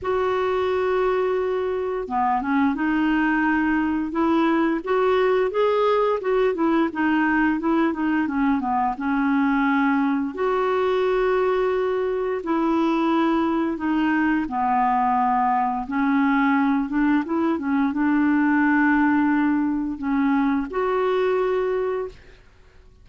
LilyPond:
\new Staff \with { instrumentName = "clarinet" } { \time 4/4 \tempo 4 = 87 fis'2. b8 cis'8 | dis'2 e'4 fis'4 | gis'4 fis'8 e'8 dis'4 e'8 dis'8 | cis'8 b8 cis'2 fis'4~ |
fis'2 e'2 | dis'4 b2 cis'4~ | cis'8 d'8 e'8 cis'8 d'2~ | d'4 cis'4 fis'2 | }